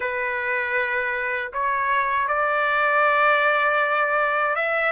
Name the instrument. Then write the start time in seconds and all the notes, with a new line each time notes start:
trumpet
0.00 B4
1.53 C#5
2.28 D5
4.55 E5